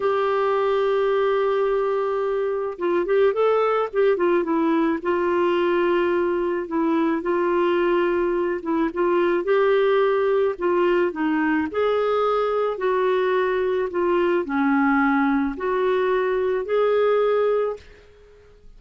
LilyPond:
\new Staff \with { instrumentName = "clarinet" } { \time 4/4 \tempo 4 = 108 g'1~ | g'4 f'8 g'8 a'4 g'8 f'8 | e'4 f'2. | e'4 f'2~ f'8 e'8 |
f'4 g'2 f'4 | dis'4 gis'2 fis'4~ | fis'4 f'4 cis'2 | fis'2 gis'2 | }